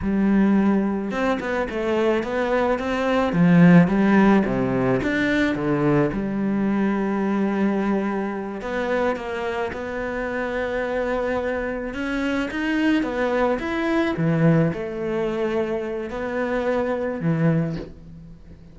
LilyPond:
\new Staff \with { instrumentName = "cello" } { \time 4/4 \tempo 4 = 108 g2 c'8 b8 a4 | b4 c'4 f4 g4 | c4 d'4 d4 g4~ | g2.~ g8 b8~ |
b8 ais4 b2~ b8~ | b4. cis'4 dis'4 b8~ | b8 e'4 e4 a4.~ | a4 b2 e4 | }